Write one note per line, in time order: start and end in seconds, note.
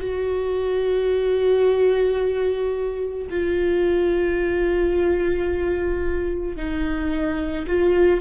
0.00 3.27 F#4
3.30 6.57 F4
6.57 7.66 D#4
7.67 8.21 F4